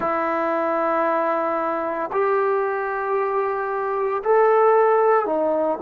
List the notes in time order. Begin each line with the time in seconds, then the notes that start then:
0.00 E4
2.12 G4
4.23 A4
5.25 D#4